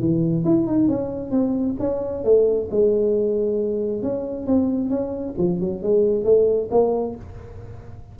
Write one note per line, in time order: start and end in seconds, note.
0.00 0.45 E3
0.45 0.67 E4
0.67 0.89 D#4
0.89 1.31 C#4
1.31 1.76 C4
1.80 2.24 C#4
2.24 2.69 A3
2.71 4.03 G#3
4.03 4.47 C#4
4.47 4.90 C4
4.90 5.35 C#4
5.38 5.60 F3
5.60 5.83 F#3
5.83 6.24 G#3
6.24 6.69 A3
6.71 7.16 A#3